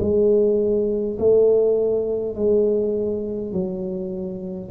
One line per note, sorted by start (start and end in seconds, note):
0.00 1.18 G#3
1.19 2.35 A3
2.35 3.52 G#3
3.52 4.70 F#3